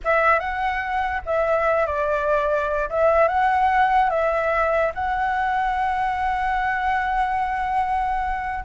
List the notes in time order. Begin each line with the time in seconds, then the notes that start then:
0.04 E5
0.39 F#5
1.25 E5
1.86 D5
2.89 E5
3.28 F#5
4.10 E5
4.94 F#5